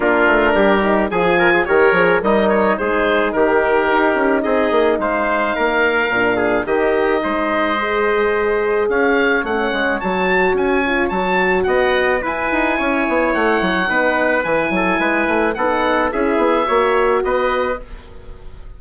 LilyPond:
<<
  \new Staff \with { instrumentName = "oboe" } { \time 4/4 \tempo 4 = 108 ais'2 gis''4 cis''4 | dis''8 cis''8 c''4 ais'2 | dis''4 f''2. | dis''1 |
f''4 fis''4 a''4 gis''4 | a''4 fis''4 gis''2 | fis''2 gis''2 | fis''4 e''2 dis''4 | }
  \new Staff \with { instrumentName = "trumpet" } { \time 4/4 f'4 g'4 gis'8 ais'16 gis'16 ais'4 | dis'4 gis'4 g'2 | gis'4 c''4 ais'4. gis'8 | g'4 c''2. |
cis''1~ | cis''4 dis''4 b'4 cis''4~ | cis''4 b'4. a'8 b'4 | a'4 gis'4 cis''4 b'4 | }
  \new Staff \with { instrumentName = "horn" } { \time 4/4 d'4. dis'8 f'4 g'8 gis'8 | ais'4 dis'2.~ | dis'2. d'4 | dis'2 gis'2~ |
gis'4 cis'4 fis'4. f'8 | fis'2 e'2~ | e'4 dis'4 e'2 | dis'4 e'4 fis'2 | }
  \new Staff \with { instrumentName = "bassoon" } { \time 4/4 ais8 a8 g4 f4 dis8 f8 | g4 gis4 dis4 dis'8 cis'8 | c'8 ais8 gis4 ais4 ais,4 | dis4 gis2. |
cis'4 a8 gis8 fis4 cis'4 | fis4 b4 e'8 dis'8 cis'8 b8 | a8 fis8 b4 e8 fis8 gis8 a8 | b4 cis'8 b8 ais4 b4 | }
>>